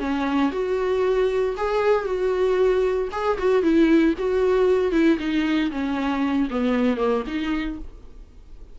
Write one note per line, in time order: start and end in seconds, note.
0.00 0.52 C#4
0.52 1.56 F#4
1.57 2.05 G#4
2.05 3.09 F#4
3.12 3.38 G#4
3.39 3.63 F#4
3.63 4.15 E4
4.19 4.93 F#4
4.93 5.18 E4
5.20 5.71 D#4
5.72 6.49 C#4
6.51 6.98 B3
6.98 7.23 A#3
7.27 7.79 D#4